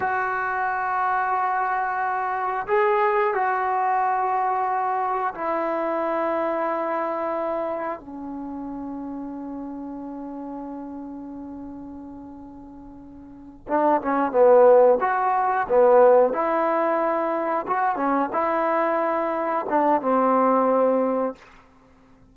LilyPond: \new Staff \with { instrumentName = "trombone" } { \time 4/4 \tempo 4 = 90 fis'1 | gis'4 fis'2. | e'1 | cis'1~ |
cis'1~ | cis'8 d'8 cis'8 b4 fis'4 b8~ | b8 e'2 fis'8 cis'8 e'8~ | e'4. d'8 c'2 | }